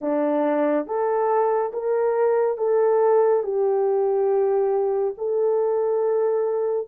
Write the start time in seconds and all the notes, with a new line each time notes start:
0.01 D4
0.86 A4
1.72 A#4
2.57 A4
3.43 G4
5.17 A4